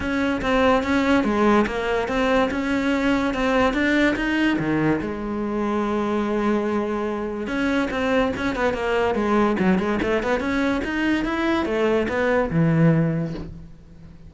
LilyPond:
\new Staff \with { instrumentName = "cello" } { \time 4/4 \tempo 4 = 144 cis'4 c'4 cis'4 gis4 | ais4 c'4 cis'2 | c'4 d'4 dis'4 dis4 | gis1~ |
gis2 cis'4 c'4 | cis'8 b8 ais4 gis4 fis8 gis8 | a8 b8 cis'4 dis'4 e'4 | a4 b4 e2 | }